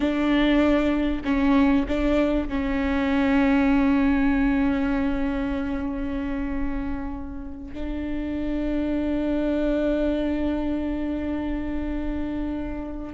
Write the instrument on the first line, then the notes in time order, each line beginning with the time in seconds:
viola
0.00 D4
1.24 C#4
1.88 D4
2.48 C#4
7.73 D4